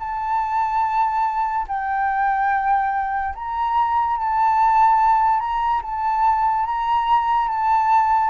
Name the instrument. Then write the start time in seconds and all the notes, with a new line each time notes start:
flute
0.00 A5
1.68 G5
3.35 A#5
4.17 A5
5.40 A#5
5.83 A5
6.66 A#5
7.48 A5